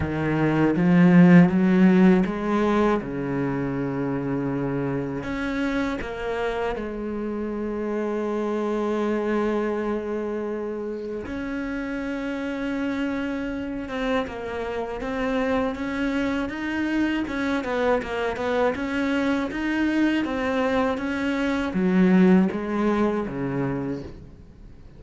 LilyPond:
\new Staff \with { instrumentName = "cello" } { \time 4/4 \tempo 4 = 80 dis4 f4 fis4 gis4 | cis2. cis'4 | ais4 gis2.~ | gis2. cis'4~ |
cis'2~ cis'8 c'8 ais4 | c'4 cis'4 dis'4 cis'8 b8 | ais8 b8 cis'4 dis'4 c'4 | cis'4 fis4 gis4 cis4 | }